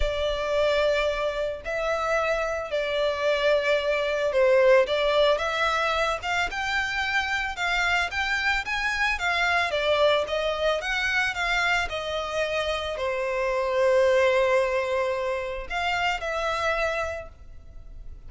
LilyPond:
\new Staff \with { instrumentName = "violin" } { \time 4/4 \tempo 4 = 111 d''2. e''4~ | e''4 d''2. | c''4 d''4 e''4. f''8 | g''2 f''4 g''4 |
gis''4 f''4 d''4 dis''4 | fis''4 f''4 dis''2 | c''1~ | c''4 f''4 e''2 | }